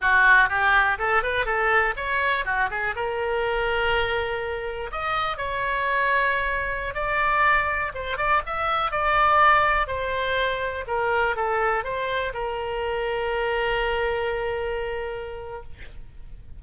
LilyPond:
\new Staff \with { instrumentName = "oboe" } { \time 4/4 \tempo 4 = 123 fis'4 g'4 a'8 b'8 a'4 | cis''4 fis'8 gis'8 ais'2~ | ais'2 dis''4 cis''4~ | cis''2~ cis''16 d''4.~ d''16~ |
d''16 c''8 d''8 e''4 d''4.~ d''16~ | d''16 c''2 ais'4 a'8.~ | a'16 c''4 ais'2~ ais'8.~ | ais'1 | }